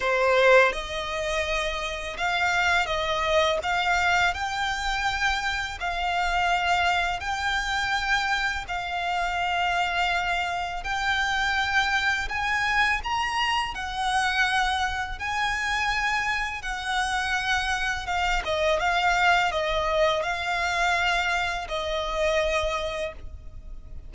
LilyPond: \new Staff \with { instrumentName = "violin" } { \time 4/4 \tempo 4 = 83 c''4 dis''2 f''4 | dis''4 f''4 g''2 | f''2 g''2 | f''2. g''4~ |
g''4 gis''4 ais''4 fis''4~ | fis''4 gis''2 fis''4~ | fis''4 f''8 dis''8 f''4 dis''4 | f''2 dis''2 | }